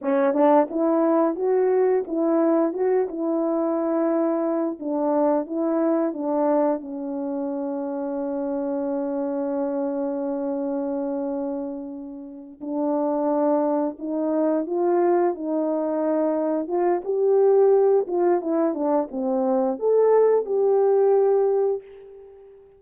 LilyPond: \new Staff \with { instrumentName = "horn" } { \time 4/4 \tempo 4 = 88 cis'8 d'8 e'4 fis'4 e'4 | fis'8 e'2~ e'8 d'4 | e'4 d'4 cis'2~ | cis'1~ |
cis'2~ cis'8 d'4.~ | d'8 dis'4 f'4 dis'4.~ | dis'8 f'8 g'4. f'8 e'8 d'8 | c'4 a'4 g'2 | }